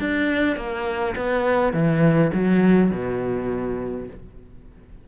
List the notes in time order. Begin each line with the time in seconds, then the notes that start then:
0.00 D4
0.57 A#3
1.16 B3
1.73 E3
2.34 F#3
2.91 B2